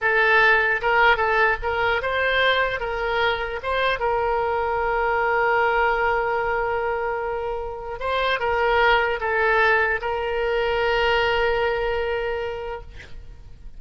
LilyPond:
\new Staff \with { instrumentName = "oboe" } { \time 4/4 \tempo 4 = 150 a'2 ais'4 a'4 | ais'4 c''2 ais'4~ | ais'4 c''4 ais'2~ | ais'1~ |
ais'1 | c''4 ais'2 a'4~ | a'4 ais'2.~ | ais'1 | }